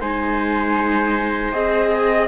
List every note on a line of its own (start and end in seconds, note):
0.00 1.53 G#3
0.00 1.52 D#4
0.00 1.92 C5
0.00 1.53 G#5
1.52 2.27 C4
1.52 2.27 G#4
1.52 2.27 D#5
1.93 2.27 D#5